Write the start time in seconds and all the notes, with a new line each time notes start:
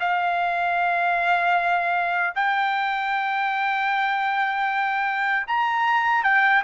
0.00 F5
2.35 G5
5.47 A#5
6.24 G5